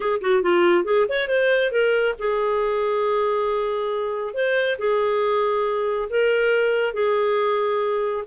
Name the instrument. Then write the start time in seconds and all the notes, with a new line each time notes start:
clarinet
0.00 G#4
0.21 F#4
0.42 F4
0.84 G#4
1.08 C#5
1.27 C5
1.71 A#4
2.18 G#4
4.34 C5
4.78 G#4
6.09 A#4
6.93 G#4